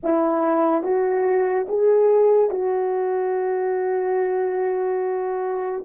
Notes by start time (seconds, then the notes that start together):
0.03 E4
0.83 F#4
1.68 G#4
2.50 F#4